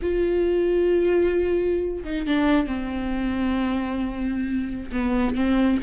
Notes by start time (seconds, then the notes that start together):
0.02 F4
2.04 D#4
2.26 D4
2.66 C4
4.92 B3
5.35 C4